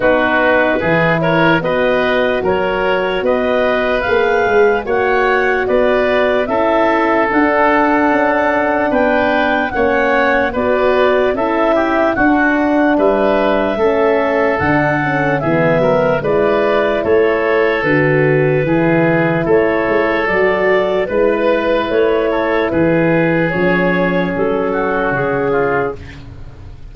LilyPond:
<<
  \new Staff \with { instrumentName = "clarinet" } { \time 4/4 \tempo 4 = 74 b'4. cis''8 dis''4 cis''4 | dis''4 f''4 fis''4 d''4 | e''4 fis''2 g''4 | fis''4 d''4 e''4 fis''4 |
e''2 fis''4 e''4 | d''4 cis''4 b'2 | cis''4 d''4 b'4 cis''4 | b'4 cis''4 a'4 gis'4 | }
  \new Staff \with { instrumentName = "oboe" } { \time 4/4 fis'4 gis'8 ais'8 b'4 ais'4 | b'2 cis''4 b'4 | a'2. b'4 | cis''4 b'4 a'8 g'8 fis'4 |
b'4 a'2 gis'8 ais'8 | b'4 a'2 gis'4 | a'2 b'4. a'8 | gis'2~ gis'8 fis'4 f'8 | }
  \new Staff \with { instrumentName = "horn" } { \time 4/4 dis'4 e'4 fis'2~ | fis'4 gis'4 fis'2 | e'4 d'2. | cis'4 fis'4 e'4 d'4~ |
d'4 cis'4 d'8 cis'8 b4 | e'2 fis'4 e'4~ | e'4 fis'4 e'2~ | e'4 cis'2. | }
  \new Staff \with { instrumentName = "tuba" } { \time 4/4 b4 e4 b4 fis4 | b4 ais8 gis8 ais4 b4 | cis'4 d'4 cis'4 b4 | ais4 b4 cis'4 d'4 |
g4 a4 d4 e8 fis8 | gis4 a4 d4 e4 | a8 gis8 fis4 gis4 a4 | e4 f4 fis4 cis4 | }
>>